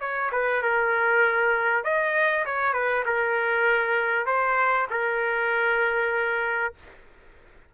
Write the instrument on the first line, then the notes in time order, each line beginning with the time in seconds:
trumpet
0.00 C#5
0.32 B4
0.62 A#4
1.84 D#5
2.45 C#5
2.73 B4
3.06 A#4
4.26 C5
4.90 A#4